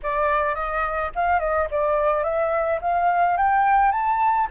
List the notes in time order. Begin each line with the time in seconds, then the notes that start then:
0.03 D5
0.55 D#5
1.15 F5
1.39 D#5
1.70 D5
2.23 E5
2.81 F5
3.37 G5
3.91 A5